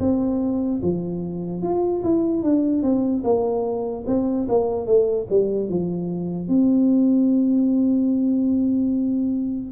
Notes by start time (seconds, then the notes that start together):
0.00 C4
0.83 F3
1.63 F4
2.03 E4
2.43 D4
2.82 C4
3.24 A#3
4.07 C4
4.49 A#3
4.86 A3
5.30 G3
5.69 F3
6.48 C4